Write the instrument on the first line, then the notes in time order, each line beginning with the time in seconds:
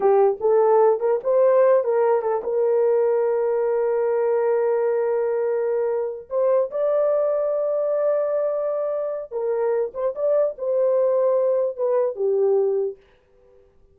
horn
0.00 G4
0.40 A4
1.00 A#4
1.23 C5
1.84 A#4
2.21 A4
2.43 A#4
6.29 C5
6.70 D5
9.31 A#4
9.94 C5
10.15 D5
10.58 C5
11.76 B4
12.15 G4